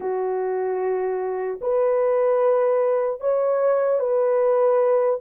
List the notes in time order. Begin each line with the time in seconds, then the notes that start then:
0.00 F#4
1.61 B4
3.20 C#5
3.99 B4